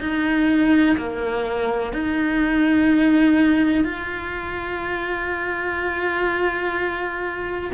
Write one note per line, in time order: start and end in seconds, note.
0.00 0.97 D#4
0.97 1.93 A#3
1.93 3.84 D#4
3.84 7.72 F4